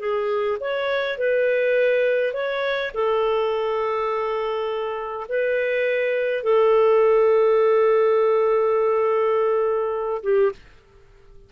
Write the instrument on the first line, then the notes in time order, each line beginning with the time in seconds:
clarinet
0.00 G#4
0.61 C#5
1.19 B4
2.34 C#5
2.94 A4
5.29 B4
6.44 A4
10.23 G4